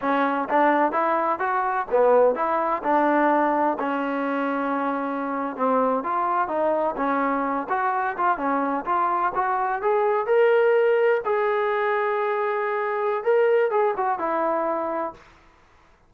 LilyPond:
\new Staff \with { instrumentName = "trombone" } { \time 4/4 \tempo 4 = 127 cis'4 d'4 e'4 fis'4 | b4 e'4 d'2 | cis'2.~ cis'8. c'16~ | c'8. f'4 dis'4 cis'4~ cis'16~ |
cis'16 fis'4 f'8 cis'4 f'4 fis'16~ | fis'8. gis'4 ais'2 gis'16~ | gis'1 | ais'4 gis'8 fis'8 e'2 | }